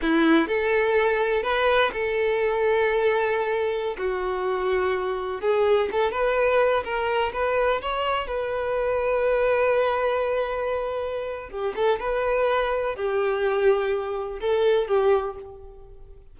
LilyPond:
\new Staff \with { instrumentName = "violin" } { \time 4/4 \tempo 4 = 125 e'4 a'2 b'4 | a'1~ | a'16 fis'2. gis'8.~ | gis'16 a'8 b'4. ais'4 b'8.~ |
b'16 cis''4 b'2~ b'8.~ | b'1 | g'8 a'8 b'2 g'4~ | g'2 a'4 g'4 | }